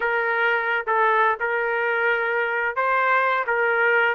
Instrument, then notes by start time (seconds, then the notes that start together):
trumpet
0.00 A#4
0.86 A4
1.40 A#4
2.76 C5
3.46 A#4